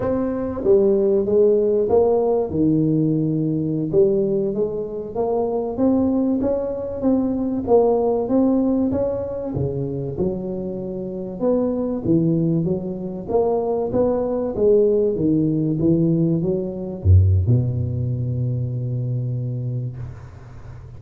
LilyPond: \new Staff \with { instrumentName = "tuba" } { \time 4/4 \tempo 4 = 96 c'4 g4 gis4 ais4 | dis2~ dis16 g4 gis8.~ | gis16 ais4 c'4 cis'4 c'8.~ | c'16 ais4 c'4 cis'4 cis8.~ |
cis16 fis2 b4 e8.~ | e16 fis4 ais4 b4 gis8.~ | gis16 dis4 e4 fis4 fis,8. | b,1 | }